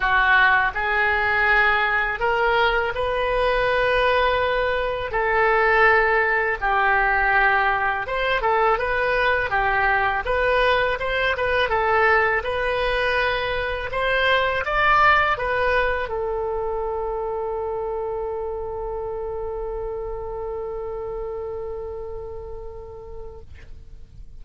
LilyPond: \new Staff \with { instrumentName = "oboe" } { \time 4/4 \tempo 4 = 82 fis'4 gis'2 ais'4 | b'2. a'4~ | a'4 g'2 c''8 a'8 | b'4 g'4 b'4 c''8 b'8 |
a'4 b'2 c''4 | d''4 b'4 a'2~ | a'1~ | a'1 | }